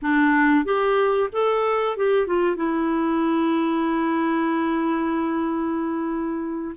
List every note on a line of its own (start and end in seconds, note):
0.01 0.65 D4
0.65 1.29 G4
1.32 1.96 A4
1.96 2.26 G4
2.26 2.56 F4
2.56 6.75 E4